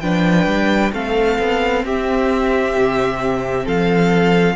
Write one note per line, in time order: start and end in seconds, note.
0.00 0.46 F3
0.00 0.92 D4
0.00 0.93 B4
0.00 0.91 G5
0.46 0.91 G3
0.92 1.38 A3
0.92 4.55 C4
0.92 1.85 A4
0.92 1.85 F5
1.39 1.84 B3
1.84 2.75 C4
1.84 3.65 G4
1.84 3.67 E5
2.77 3.66 C3
3.65 4.55 F3
3.65 4.55 A4
3.65 4.55 F5